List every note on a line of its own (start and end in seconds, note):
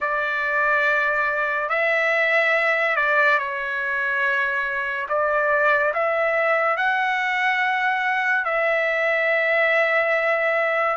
0.00 1.69 D5
1.69 2.95 E5
2.96 3.38 D5
3.38 5.07 C#5
5.08 5.93 D5
5.93 6.76 E5
6.76 8.44 F#5
8.44 10.96 E5